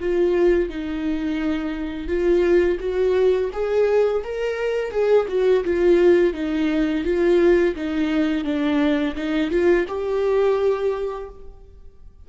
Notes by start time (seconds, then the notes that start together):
0.00 F4
0.69 D#4
2.07 F4
2.79 F#4
3.52 G#4
4.24 A#4
4.91 G#4
5.28 F#4
5.64 F4
6.33 D#4
7.04 F4
7.75 D#4
8.44 D4
9.15 D#4
9.50 F4
9.87 G4